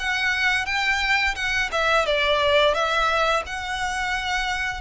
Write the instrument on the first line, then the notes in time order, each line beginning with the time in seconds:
violin
0.00 F#5
0.66 G5
1.36 F#5
1.72 E5
2.06 D5
2.75 E5
3.47 F#5